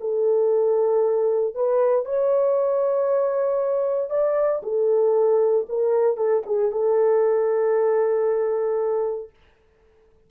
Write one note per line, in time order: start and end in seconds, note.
0.00 1.54 A4
1.54 2.05 B4
2.05 4.09 C#5
4.09 4.61 D5
4.62 5.66 A4
5.68 6.16 A#4
6.16 6.42 A4
6.46 6.71 G#4
6.71 9.30 A4